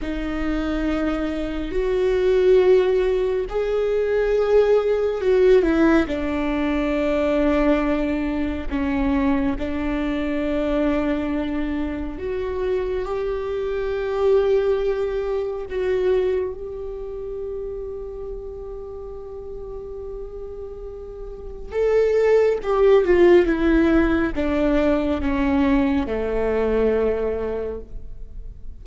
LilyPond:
\new Staff \with { instrumentName = "viola" } { \time 4/4 \tempo 4 = 69 dis'2 fis'2 | gis'2 fis'8 e'8 d'4~ | d'2 cis'4 d'4~ | d'2 fis'4 g'4~ |
g'2 fis'4 g'4~ | g'1~ | g'4 a'4 g'8 f'8 e'4 | d'4 cis'4 a2 | }